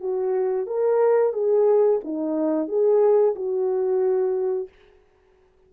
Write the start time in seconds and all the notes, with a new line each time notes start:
0.00 F#4
0.66 A#4
1.33 G#4
2.04 D#4
2.68 G#4
3.35 F#4